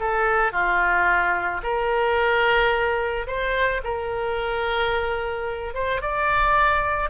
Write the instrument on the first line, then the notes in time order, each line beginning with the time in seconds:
oboe
0.00 A4
0.52 F4
1.63 A#4
3.27 C5
3.84 A#4
5.74 C5
6.01 D5